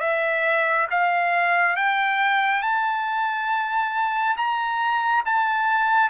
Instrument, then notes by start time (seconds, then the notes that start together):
trumpet
0.00 E5
0.90 F5
1.76 G5
2.62 A5
4.37 A#5
5.25 A5